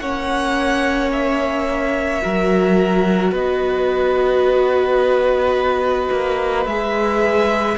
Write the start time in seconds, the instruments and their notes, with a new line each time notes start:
0.00 cello A#3, viola C#4, violin C#5 F#5
1.12 violin E5
2.22 cello F#3, viola F#4, violin A#4
3.32 cello B3, violin B4 D#5
6.11 cello A#3
6.66 cello G#3, viola G#4, violin E5